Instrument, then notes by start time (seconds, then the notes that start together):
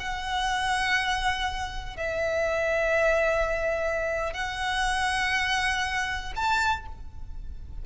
violin
0.00 F#5
1.97 E5
4.34 F#5
6.36 A5